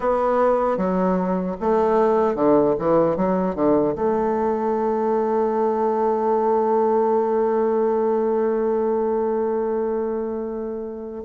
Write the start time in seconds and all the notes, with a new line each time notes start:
0.00 B3
0.77 F#3
1.60 A3
2.35 D3
2.78 E3
3.16 F#3
3.55 D3
3.95 A3